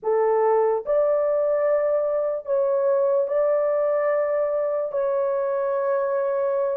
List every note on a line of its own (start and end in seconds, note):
0.02 0.84 A4
0.85 2.45 D5
2.45 3.27 C#5
3.27 4.92 D5
4.92 6.77 C#5